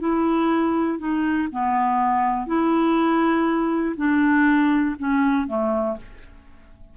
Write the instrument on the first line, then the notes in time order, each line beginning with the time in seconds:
clarinet
0.00 E4
0.99 D#4
1.52 B3
2.47 E4
3.97 D4
4.99 C#4
5.47 A3